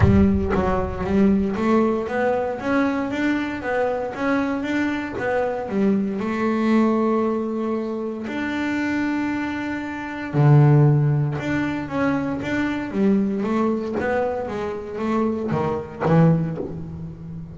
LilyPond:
\new Staff \with { instrumentName = "double bass" } { \time 4/4 \tempo 4 = 116 g4 fis4 g4 a4 | b4 cis'4 d'4 b4 | cis'4 d'4 b4 g4 | a1 |
d'1 | d2 d'4 cis'4 | d'4 g4 a4 b4 | gis4 a4 dis4 e4 | }